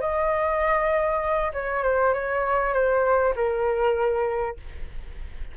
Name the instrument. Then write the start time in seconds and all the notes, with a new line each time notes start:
flute
0.00 D#5
1.53 C#5
1.83 C5
2.13 C#5
2.73 C5
3.35 A#4